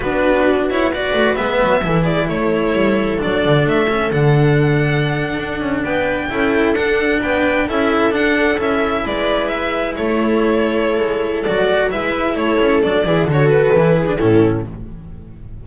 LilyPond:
<<
  \new Staff \with { instrumentName = "violin" } { \time 4/4 \tempo 4 = 131 b'4. cis''8 d''4 e''4~ | e''8 d''8 cis''2 d''4 | e''4 fis''2.~ | fis''8. g''2 fis''4 g''16~ |
g''8. e''4 fis''4 e''4 d''16~ | d''8. e''4 cis''2~ cis''16~ | cis''4 d''4 e''4 cis''4 | d''4 cis''8 b'4. a'4 | }
  \new Staff \with { instrumentName = "viola" } { \time 4/4 fis'2 b'2 | a'8 gis'8 a'2.~ | a'1~ | a'8. b'4 a'2 b'16~ |
b'8. a'2. b'16~ | b'4.~ b'16 a'2~ a'16~ | a'2 b'4 a'4~ | a'8 gis'8 a'4. gis'8 e'4 | }
  \new Staff \with { instrumentName = "cello" } { \time 4/4 d'4. e'8 fis'4 b4 | e'2. d'4~ | d'8 cis'8 d'2.~ | d'4.~ d'16 e'4 d'4~ d'16~ |
d'8. e'4 d'4 e'4~ e'16~ | e'1~ | e'4 fis'4 e'2 | d'8 e'8 fis'4 e'8. d'16 cis'4 | }
  \new Staff \with { instrumentName = "double bass" } { \time 4/4 b2~ b8 a8 gis8 fis8 | e4 a4 g4 fis8 d8 | a4 d2~ d8. d'16~ | d'16 cis'8 b4 cis'4 d'4 b16~ |
b8. cis'4 d'4 cis'4 gis16~ | gis4.~ gis16 a2~ a16 | gis4 fis4 gis4 a8 cis'8 | fis8 e8 d4 e4 a,4 | }
>>